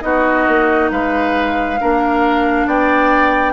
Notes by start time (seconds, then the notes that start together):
0.00 B3 D#4 F#4 D#5
0.47 A#3
0.91 G#3 B4 F5
1.80 A#3 D4 A#4
2.66 B3 D5 G5